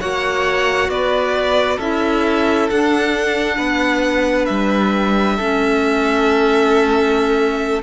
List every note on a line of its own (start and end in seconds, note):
0.00 0.88 A#3
0.00 1.79 F#4
0.00 0.90 C#5
0.00 0.90 F#5
0.88 1.78 B3
0.88 1.77 B4
0.88 1.79 D5
1.77 2.69 C#4
1.77 2.71 E4
1.77 3.56 A4
1.77 2.70 E5
2.70 5.40 D4
2.70 3.58 D4
2.70 4.46 F#5
3.57 4.48 B3
3.57 5.36 B4
4.46 5.38 G3
4.46 7.82 E5
5.36 7.82 A3
5.36 7.82 C#4
5.36 7.82 A4